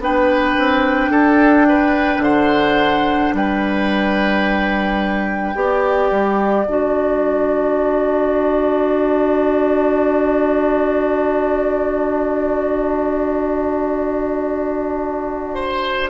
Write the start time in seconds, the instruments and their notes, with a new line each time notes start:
0.00 bassoon B3, clarinet D4, oboe B4, flute G5
0.58 bassoon C4
1.10 bassoon D4, oboe A4
1.69 oboe B4
2.19 bassoon D3, oboe C5, flute F#5
3.34 bassoon G3, oboe B4, flute G5
5.55 bassoon B3, clarinet G4, oboe D5
6.11 bassoon G3
6.67 bassoon D4, clarinet F#4, flute A5
15.55 oboe C5